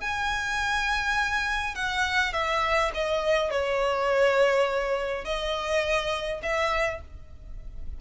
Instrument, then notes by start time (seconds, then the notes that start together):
violin
0.00 G#5
1.75 F#5
2.32 E5
2.94 D#5
3.50 C#5
5.24 D#5
6.42 E5